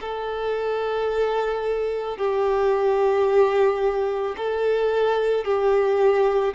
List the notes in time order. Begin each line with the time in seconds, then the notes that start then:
0.00 A4
2.17 G4
4.37 A4
5.44 G4